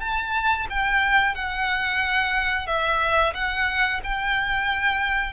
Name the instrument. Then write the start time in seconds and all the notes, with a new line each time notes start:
violin
0.00 A5
0.69 G5
1.35 F#5
2.67 E5
3.34 F#5
4.04 G5